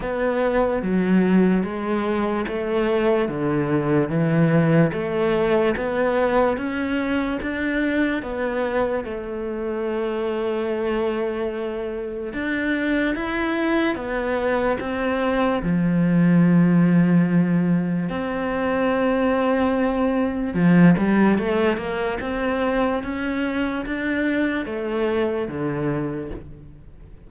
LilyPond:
\new Staff \with { instrumentName = "cello" } { \time 4/4 \tempo 4 = 73 b4 fis4 gis4 a4 | d4 e4 a4 b4 | cis'4 d'4 b4 a4~ | a2. d'4 |
e'4 b4 c'4 f4~ | f2 c'2~ | c'4 f8 g8 a8 ais8 c'4 | cis'4 d'4 a4 d4 | }